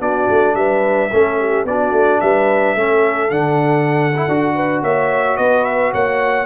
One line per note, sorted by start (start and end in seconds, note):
0.00 0.28 B3
0.00 1.10 D4
0.00 0.55 F#4
0.00 0.56 D5
0.30 0.55 A3
0.55 1.10 G3
0.55 1.11 B4
0.55 1.66 E5
1.11 1.65 A3
1.11 1.68 C#4
1.11 1.39 A4
1.40 1.67 G4
1.65 1.92 B3
1.65 2.77 D4
1.65 2.22 F#4
1.65 2.21 D5
1.92 2.20 A3
2.21 2.76 G3
2.21 2.77 B4
2.21 3.31 E5
2.76 3.31 A3
2.76 3.30 C#4
2.76 4.55 A4
3.30 4.27 D3
3.30 4.13 D4
3.30 4.82 F#5
4.16 4.30 E4
4.28 4.83 D4
4.28 6.47 F#4
4.55 4.83 B4
4.83 5.38 A#3
4.83 5.38 C#5
4.83 5.37 E5
5.37 5.94 B3
5.37 5.92 B4
5.37 5.65 D#5
5.65 5.92 E5
5.92 6.47 A#3
5.92 6.47 C#5
5.92 6.47 F#5